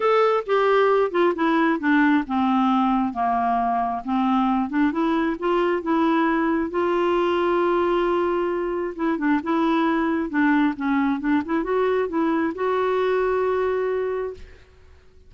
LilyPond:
\new Staff \with { instrumentName = "clarinet" } { \time 4/4 \tempo 4 = 134 a'4 g'4. f'8 e'4 | d'4 c'2 ais4~ | ais4 c'4. d'8 e'4 | f'4 e'2 f'4~ |
f'1 | e'8 d'8 e'2 d'4 | cis'4 d'8 e'8 fis'4 e'4 | fis'1 | }